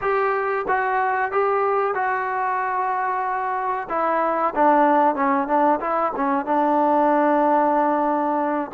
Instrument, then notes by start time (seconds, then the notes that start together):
trombone
0.01 G4
0.67 F#4
1.31 G4
1.94 F#4
3.89 E4
4.55 D4
5.15 C#4
5.47 D4
5.80 E4
6.16 C#4
6.45 D4